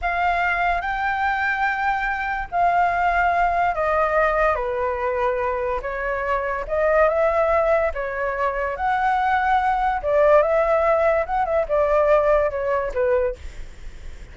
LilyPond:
\new Staff \with { instrumentName = "flute" } { \time 4/4 \tempo 4 = 144 f''2 g''2~ | g''2 f''2~ | f''4 dis''2 b'4~ | b'2 cis''2 |
dis''4 e''2 cis''4~ | cis''4 fis''2. | d''4 e''2 fis''8 e''8 | d''2 cis''4 b'4 | }